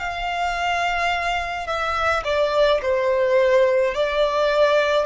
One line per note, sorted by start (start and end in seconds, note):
0.00 1.67 F5
1.67 2.24 E5
2.24 2.81 D5
2.83 3.95 C5
3.95 5.06 D5